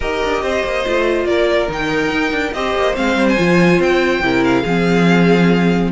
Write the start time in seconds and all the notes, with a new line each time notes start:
0.00 D#4 G4 A#4 D#5
0.24 D4
0.42 C4 C5
0.64 A#3
0.86 A3 F4
1.25 A#3 A#4 D5
1.68 D#3 D#4 G5
2.11 D#4
2.31 D4
2.53 C4 G4 C5 D#5
2.75 A#3
2.94 G#3 C4 F5
3.15 G3
3.28 G#5
3.37 F3 F4
3.80 C4 G5
4.21 C3 E4 A#4
4.43 F5
4.62 F3 C4 G#4